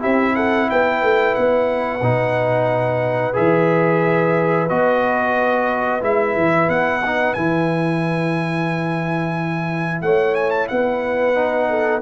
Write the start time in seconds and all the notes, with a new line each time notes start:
0.00 C4 E4 G4 E5
0.36 A4 F#5
0.71 B3 B4 G5
1.03 A3
1.35 B3 F#5
2.02 B2 D#4
3.34 E3 G#4 E5
4.69 B3 F#4 D#5
6.01 G#3 E4 E5
6.36 E3
6.68 B3 F#5
7.06 D#4
7.34 E3 E4 G#5
10.02 A3 C#5 F#5
10.35 G#5
10.51 A5
10.68 B3 B4 F#5
11.35 D#4
11.70 A4